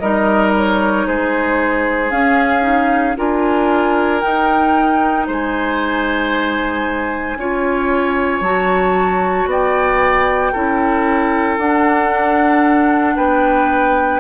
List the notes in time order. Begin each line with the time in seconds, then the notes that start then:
0.00 G3 D#4 A#4 D#5
0.57 C#5
1.07 G#3 G#4 C5
2.11 C#4 F5
2.62 D#4
3.17 D4 F4 A#4 G#5
4.21 D#4 G5
5.27 G#3 C5 G#5
7.37 C#4 F4 C#5
8.41 F#3 F#4 A5
9.46 B3 D5 G5
10.53 C#4 E4 A4
11.58 D4 F#5
13.16 B3 B4 G5